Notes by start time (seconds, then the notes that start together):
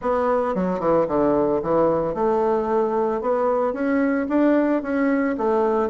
0.01 B3
0.55 F#3
0.79 E3
1.07 D3
1.62 E3
2.14 A3
3.21 B3
3.73 C#4
4.28 D4
4.82 C#4
5.37 A3